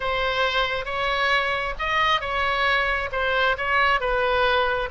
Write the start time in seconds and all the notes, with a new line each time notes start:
0.00 C5
0.85 C#5
1.78 D#5
2.20 C#5
3.12 C5
3.57 C#5
4.00 B4